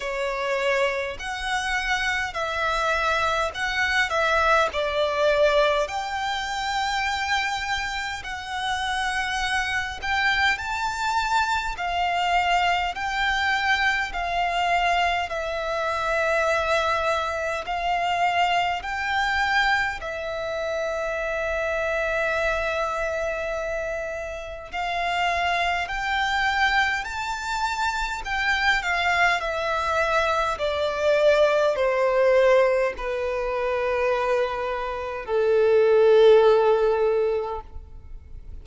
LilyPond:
\new Staff \with { instrumentName = "violin" } { \time 4/4 \tempo 4 = 51 cis''4 fis''4 e''4 fis''8 e''8 | d''4 g''2 fis''4~ | fis''8 g''8 a''4 f''4 g''4 | f''4 e''2 f''4 |
g''4 e''2.~ | e''4 f''4 g''4 a''4 | g''8 f''8 e''4 d''4 c''4 | b'2 a'2 | }